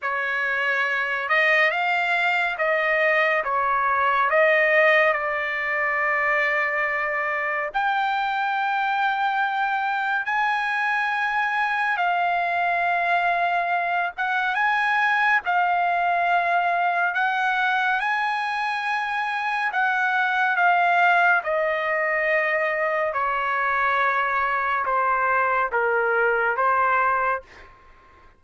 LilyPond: \new Staff \with { instrumentName = "trumpet" } { \time 4/4 \tempo 4 = 70 cis''4. dis''8 f''4 dis''4 | cis''4 dis''4 d''2~ | d''4 g''2. | gis''2 f''2~ |
f''8 fis''8 gis''4 f''2 | fis''4 gis''2 fis''4 | f''4 dis''2 cis''4~ | cis''4 c''4 ais'4 c''4 | }